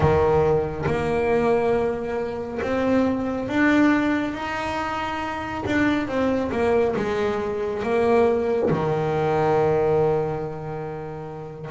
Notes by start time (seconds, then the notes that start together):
0.00 D#3
0.86 A#3
2.61 C4
3.48 D4
4.33 D#4
5.66 D4
6.07 C4
6.51 A#3
6.96 G#3
7.82 A#3
8.70 D#3